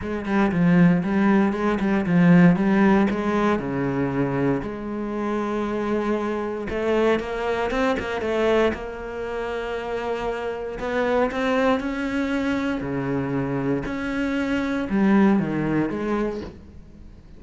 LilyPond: \new Staff \with { instrumentName = "cello" } { \time 4/4 \tempo 4 = 117 gis8 g8 f4 g4 gis8 g8 | f4 g4 gis4 cis4~ | cis4 gis2.~ | gis4 a4 ais4 c'8 ais8 |
a4 ais2.~ | ais4 b4 c'4 cis'4~ | cis'4 cis2 cis'4~ | cis'4 g4 dis4 gis4 | }